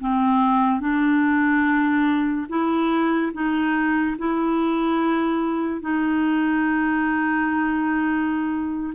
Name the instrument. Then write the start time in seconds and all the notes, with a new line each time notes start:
clarinet
0.00 C4
0.80 D4
2.48 E4
3.33 D#4
4.18 E4
5.81 D#4